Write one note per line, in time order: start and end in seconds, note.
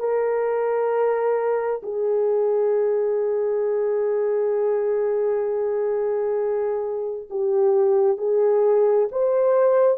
0.00 1.82 A#4
1.83 7.29 G#4
7.31 8.18 G4
8.18 9.09 G#4
9.12 9.99 C5